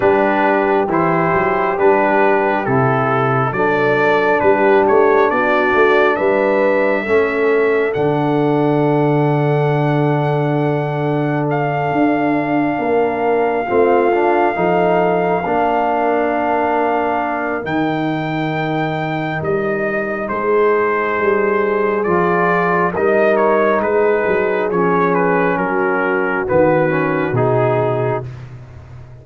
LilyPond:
<<
  \new Staff \with { instrumentName = "trumpet" } { \time 4/4 \tempo 4 = 68 b'4 c''4 b'4 a'4 | d''4 b'8 cis''8 d''4 e''4~ | e''4 fis''2.~ | fis''4 f''2.~ |
f''1 | g''2 dis''4 c''4~ | c''4 d''4 dis''8 cis''8 b'4 | cis''8 b'8 ais'4 b'4 gis'4 | }
  \new Staff \with { instrumentName = "horn" } { \time 4/4 g'1 | a'4 g'4 fis'4 b'4 | a'1~ | a'2~ a'8 ais'4 f'8~ |
f'8 a'4 ais'2~ ais'8~ | ais'2. gis'4~ | gis'2 ais'4 gis'4~ | gis'4 fis'2. | }
  \new Staff \with { instrumentName = "trombone" } { \time 4/4 d'4 e'4 d'4 e'4 | d'1 | cis'4 d'2.~ | d'2.~ d'8 c'8 |
d'8 dis'4 d'2~ d'8 | dis'1~ | dis'4 f'4 dis'2 | cis'2 b8 cis'8 dis'4 | }
  \new Staff \with { instrumentName = "tuba" } { \time 4/4 g4 e8 fis8 g4 c4 | fis4 g8 a8 b8 a8 g4 | a4 d2.~ | d4. d'4 ais4 a8~ |
a8 f4 ais2~ ais8 | dis2 g4 gis4 | g4 f4 g4 gis8 fis8 | f4 fis4 dis4 b,4 | }
>>